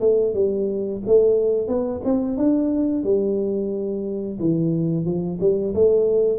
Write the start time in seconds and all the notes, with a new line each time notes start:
0.00 A3
0.34 G3
1.06 A3
1.68 B3
2.04 C4
2.37 D4
3.03 G3
4.39 E3
5.05 F3
5.40 G3
5.74 A3